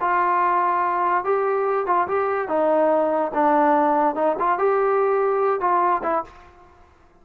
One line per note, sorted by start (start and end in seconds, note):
0.00 1.24 F4
1.24 1.86 G4
1.86 2.07 F4
2.08 2.48 G4
2.48 3.31 D#4
3.34 4.15 D4
4.15 4.36 D#4
4.39 4.58 F4
4.58 5.60 G4
5.60 6.02 F4
6.03 6.24 E4